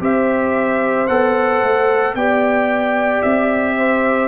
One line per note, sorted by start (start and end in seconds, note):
0.00 1.08 C4
0.00 1.07 G4
0.00 2.17 C5
0.00 1.08 E5
1.08 1.63 B3
1.08 2.17 A4
1.08 2.15 F#5
1.63 2.15 A3
2.15 3.22 B3
2.15 4.29 G4
2.15 3.78 D5
2.15 3.23 G5
3.23 4.29 C4
3.23 4.29 E5
3.78 4.29 C5